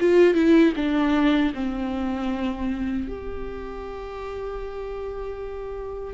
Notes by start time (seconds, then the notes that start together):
0.00 F4
0.34 E4
0.76 D4
1.54 C4
3.08 G4